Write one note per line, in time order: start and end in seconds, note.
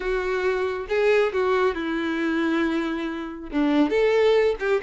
0.00 0.87 F#4
0.88 1.32 G#4
1.32 1.75 F#4
1.75 3.50 E4
3.51 3.89 D4
3.89 4.55 A4
4.59 4.81 G4